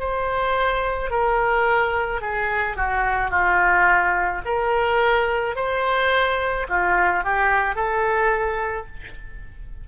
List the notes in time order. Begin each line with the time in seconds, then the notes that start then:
0.00 C5
1.11 A#4
2.22 G#4
2.77 F#4
3.31 F4
4.46 A#4
5.56 C5
6.69 F4
7.24 G4
7.76 A4